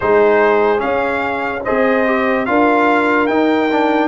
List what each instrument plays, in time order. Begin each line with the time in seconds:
0.00 tuba G#3, trombone D#4, horn G#4, trumpet C5
0.77 trombone C#4, trumpet F5
0.84 tuba C#4
1.63 tuba C4, trombone G#4, horn C5, trumpet D#5
2.06 trombone G4
2.45 tuba D4, trombone F4, horn A#4, trumpet F5
3.26 trombone D#4, tuba D#4, trumpet G5
3.71 trombone D4